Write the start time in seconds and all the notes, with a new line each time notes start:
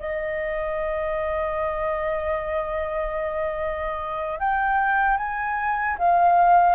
0.00 D#5
4.40 G5
5.17 G#5
5.99 F5